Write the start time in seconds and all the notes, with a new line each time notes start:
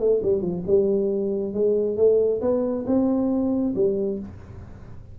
0.00 A3
0.23 G3
0.42 F3
0.67 G3
1.54 G#3
1.97 A3
2.42 B3
2.87 C4
3.76 G3